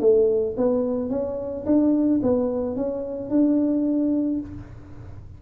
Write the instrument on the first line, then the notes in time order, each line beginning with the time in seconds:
tuba
0.00 A3
0.57 B3
1.10 C#4
1.65 D4
2.22 B3
2.76 C#4
3.30 D4